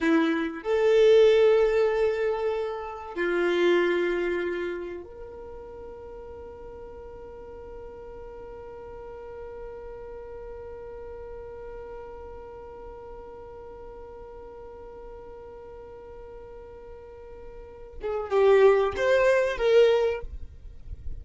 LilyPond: \new Staff \with { instrumentName = "violin" } { \time 4/4 \tempo 4 = 95 e'4 a'2.~ | a'4 f'2. | ais'1~ | ais'1~ |
ais'1~ | ais'1~ | ais'1~ | ais'8 gis'8 g'4 c''4 ais'4 | }